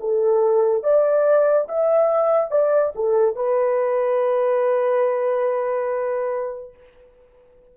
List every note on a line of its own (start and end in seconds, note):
0.00 0.83 A4
0.83 1.68 D5
1.69 2.51 E5
2.51 2.93 D5
2.95 3.36 A4
3.36 6.74 B4